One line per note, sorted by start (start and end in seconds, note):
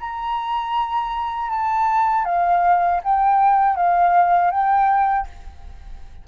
0.00 1.49 A#5
1.49 2.24 A5
2.24 3.00 F5
3.03 3.76 G5
3.76 4.51 F5
4.51 5.26 G5